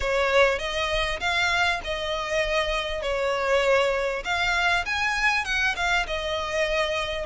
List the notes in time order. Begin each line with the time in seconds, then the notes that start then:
0.00 C#5
0.58 D#5
1.20 F5
1.84 D#5
3.02 C#5
4.24 F5
4.85 G#5
5.44 F#5
5.75 F5
6.06 D#5